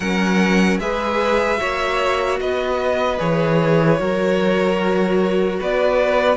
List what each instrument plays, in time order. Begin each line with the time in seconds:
0.00 cello F#3, viola C#4, violin A#4 F#5
0.79 cello G#3, viola G#4, violin B4 E5
1.57 cello A#3, viola F#4, violin C#5
2.40 cello B3, violin B4 D#5
3.18 cello E3, viola G#4, violin C#5
3.98 cello F#3, viola F#4, violin A#4
5.59 cello B3, violin B4 D5